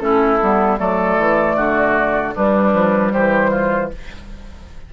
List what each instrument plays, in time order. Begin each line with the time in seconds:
0.00 bassoon A3, clarinet C#4, oboe E4, flute A4
0.41 bassoon G3, clarinet B3
0.78 bassoon F#3, clarinet A3, oboe A4, flute D5
1.19 bassoon E3
1.57 bassoon D3, oboe F#4
2.35 bassoon G3, clarinet G3, oboe D4, flute B4
2.74 bassoon F3
3.13 bassoon E3, oboe G4, flute C5
3.51 oboe F4